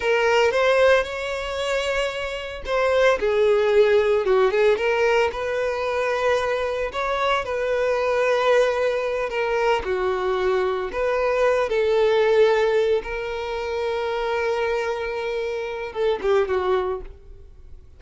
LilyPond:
\new Staff \with { instrumentName = "violin" } { \time 4/4 \tempo 4 = 113 ais'4 c''4 cis''2~ | cis''4 c''4 gis'2 | fis'8 gis'8 ais'4 b'2~ | b'4 cis''4 b'2~ |
b'4. ais'4 fis'4.~ | fis'8 b'4. a'2~ | a'8 ais'2.~ ais'8~ | ais'2 a'8 g'8 fis'4 | }